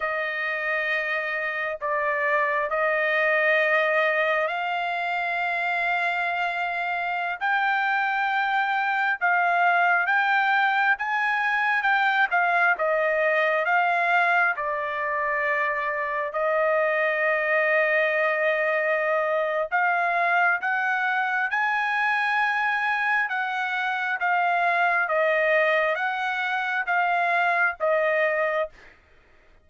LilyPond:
\new Staff \with { instrumentName = "trumpet" } { \time 4/4 \tempo 4 = 67 dis''2 d''4 dis''4~ | dis''4 f''2.~ | f''16 g''2 f''4 g''8.~ | g''16 gis''4 g''8 f''8 dis''4 f''8.~ |
f''16 d''2 dis''4.~ dis''16~ | dis''2 f''4 fis''4 | gis''2 fis''4 f''4 | dis''4 fis''4 f''4 dis''4 | }